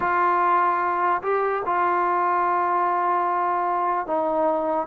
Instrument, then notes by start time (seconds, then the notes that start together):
trombone
0.00 F4
1.22 G4
1.65 F4
4.06 D#4